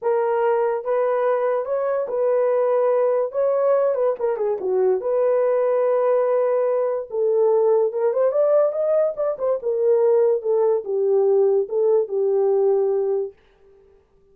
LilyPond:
\new Staff \with { instrumentName = "horn" } { \time 4/4 \tempo 4 = 144 ais'2 b'2 | cis''4 b'2. | cis''4. b'8 ais'8 gis'8 fis'4 | b'1~ |
b'4 a'2 ais'8 c''8 | d''4 dis''4 d''8 c''8 ais'4~ | ais'4 a'4 g'2 | a'4 g'2. | }